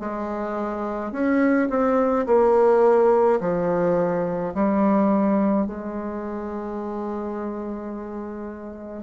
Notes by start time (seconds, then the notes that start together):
0.00 G#3
1.12 C#4
1.70 C4
2.26 A#3
3.41 F3
4.55 G3
5.67 G#3